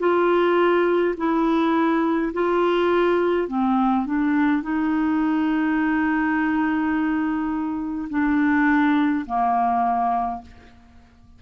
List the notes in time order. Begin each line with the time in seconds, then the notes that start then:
0.00 F4
1.17 E4
2.33 F4
3.49 C4
4.06 D4
4.63 D#4
8.10 D4
9.26 A#3